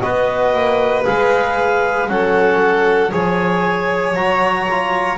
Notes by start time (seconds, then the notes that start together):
0.00 B3 F#4 B4 D#5
0.54 A#3
1.05 G#3 G#4 F5
2.08 F#3 C#4 A4 F#5
3.11 F3 G#4 C#5 G#5
4.15 F#3 F#4 A#5
4.71 F4